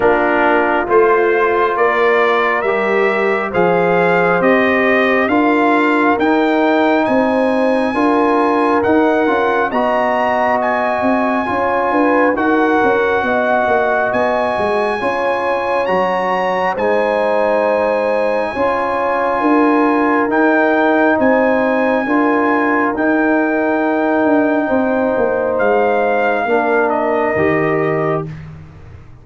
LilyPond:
<<
  \new Staff \with { instrumentName = "trumpet" } { \time 4/4 \tempo 4 = 68 ais'4 c''4 d''4 e''4 | f''4 dis''4 f''4 g''4 | gis''2 fis''4 ais''4 | gis''2 fis''2 |
gis''2 ais''4 gis''4~ | gis''2. g''4 | gis''2 g''2~ | g''4 f''4. dis''4. | }
  \new Staff \with { instrumentName = "horn" } { \time 4/4 f'2 ais'2 | c''2 ais'2 | c''4 ais'2 dis''4~ | dis''4 cis''8 b'8 ais'4 dis''4~ |
dis''4 cis''2 c''4~ | c''4 cis''4 ais'2 | c''4 ais'2. | c''2 ais'2 | }
  \new Staff \with { instrumentName = "trombone" } { \time 4/4 d'4 f'2 g'4 | gis'4 g'4 f'4 dis'4~ | dis'4 f'4 dis'8 f'8 fis'4~ | fis'4 f'4 fis'2~ |
fis'4 f'4 fis'4 dis'4~ | dis'4 f'2 dis'4~ | dis'4 f'4 dis'2~ | dis'2 d'4 g'4 | }
  \new Staff \with { instrumentName = "tuba" } { \time 4/4 ais4 a4 ais4 g4 | f4 c'4 d'4 dis'4 | c'4 d'4 dis'8 cis'8 b4~ | b8 c'8 cis'8 d'8 dis'8 cis'8 b8 ais8 |
b8 gis8 cis'4 fis4 gis4~ | gis4 cis'4 d'4 dis'4 | c'4 d'4 dis'4. d'8 | c'8 ais8 gis4 ais4 dis4 | }
>>